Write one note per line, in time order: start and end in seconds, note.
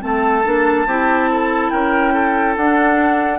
0.00 0.45 A3
0.00 0.42 C4
0.00 0.87 A4
0.00 1.70 A5
0.44 0.86 A#3
0.44 0.86 D4
0.86 1.70 C4
0.86 2.57 E4
0.86 1.29 G4
1.31 1.71 A4
1.70 2.57 C#4
1.70 2.13 A#4
1.70 2.54 G5
2.13 3.39 A4
2.56 3.39 D4
2.56 3.39 F#5